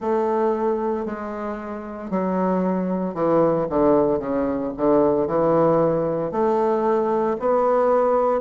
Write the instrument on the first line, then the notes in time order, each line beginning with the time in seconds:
bassoon
0.00 A3
1.05 G#3
2.10 F#3
3.14 E3
3.69 D3
4.19 C#3
4.77 D3
5.27 E3
6.31 A3
7.39 B3